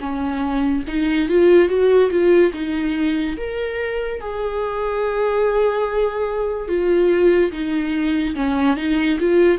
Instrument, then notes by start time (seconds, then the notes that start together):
viola
0.00 C#4
0.87 D#4
1.29 F4
1.69 F#4
2.11 F4
2.53 D#4
3.37 A#4
4.20 G#4
6.68 F4
7.52 D#4
8.36 C#4
8.77 D#4
9.20 F4